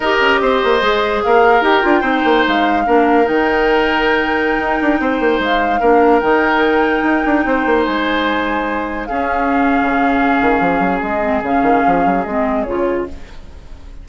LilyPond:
<<
  \new Staff \with { instrumentName = "flute" } { \time 4/4 \tempo 4 = 147 dis''2. f''4 | g''2 f''2 | g''1~ | g''4~ g''16 f''2 g''8.~ |
g''2.~ g''16 gis''8.~ | gis''2~ gis''16 f''4.~ f''16~ | f''2. dis''4 | f''2 dis''4 cis''4 | }
  \new Staff \with { instrumentName = "oboe" } { \time 4/4 ais'4 c''2 ais'4~ | ais'4 c''2 ais'4~ | ais'1~ | ais'16 c''2 ais'4.~ ais'16~ |
ais'2~ ais'16 c''4.~ c''16~ | c''2~ c''16 gis'4.~ gis'16~ | gis'1~ | gis'1 | }
  \new Staff \with { instrumentName = "clarinet" } { \time 4/4 g'2 gis'2 | g'8 f'8 dis'2 d'4 | dis'1~ | dis'2~ dis'16 d'4 dis'8.~ |
dis'1~ | dis'2~ dis'16 cis'4.~ cis'16~ | cis'2.~ cis'8 c'8 | cis'2 c'4 f'4 | }
  \new Staff \with { instrumentName = "bassoon" } { \time 4/4 dis'8 cis'8 c'8 ais8 gis4 ais4 | dis'8 d'8 c'8 ais8 gis4 ais4 | dis2.~ dis16 dis'8 d'16~ | d'16 c'8 ais8 gis4 ais4 dis8.~ |
dis4~ dis16 dis'8 d'8 c'8 ais8 gis8.~ | gis2~ gis16 cis'4.~ cis'16 | cis4. dis8 f8 fis8 gis4 | cis8 dis8 f8 fis8 gis4 cis4 | }
>>